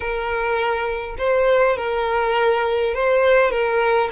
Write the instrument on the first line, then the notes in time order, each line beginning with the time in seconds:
violin
0.00 A#4
1.18 C5
1.76 A#4
2.94 C5
3.50 A#4